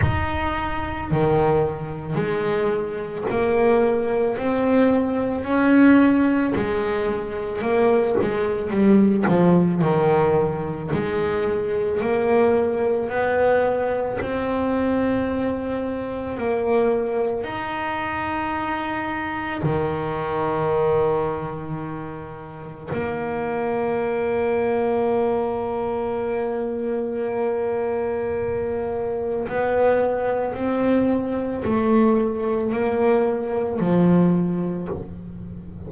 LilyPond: \new Staff \with { instrumentName = "double bass" } { \time 4/4 \tempo 4 = 55 dis'4 dis4 gis4 ais4 | c'4 cis'4 gis4 ais8 gis8 | g8 f8 dis4 gis4 ais4 | b4 c'2 ais4 |
dis'2 dis2~ | dis4 ais2.~ | ais2. b4 | c'4 a4 ais4 f4 | }